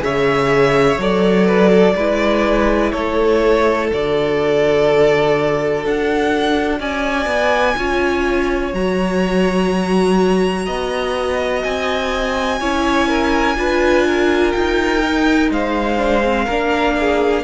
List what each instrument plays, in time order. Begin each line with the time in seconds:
0.00 cello C#3, viola G#4, violin C#5 E5
0.98 cello F#3, viola A4, violin D5
1.47 violin B4
1.70 violin A4
1.95 cello G#3, viola E4, violin B4
2.92 cello A3, violin A4 C#5
3.91 cello D3, viola F#4, violin D5
5.85 cello D4, violin F#5
6.80 cello C#4, violin D5 G#5
7.26 cello B3
7.77 cello C#4, viola F4, violin C#5
8.74 cello F#3, viola F#4, violin A#5
10.66 cello B3, violin D#5
11.64 cello C4, violin G#5
12.60 cello C#4, viola E4, violin C#5
13.08 violin A#4
13.56 cello D4, viola F4, violin B4
14.07 violin A#4
14.52 cello D#4, violin G5
15.02 viola D#4
15.50 cello G#3, violin C5 F5
15.98 viola D4
16.24 viola C4
16.46 cello A#3, viola D4, violin A#4
17.00 violin G#4